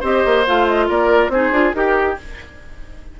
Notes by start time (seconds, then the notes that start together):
0.00 C4 G4 C5 D#5
0.25 A#3
0.46 A3 F4 F5
0.67 D#5
0.88 A#3 A#4 D5
1.28 C4 D#4 G#4 C5
1.51 D4 F4
1.73 D#4 G4 A#4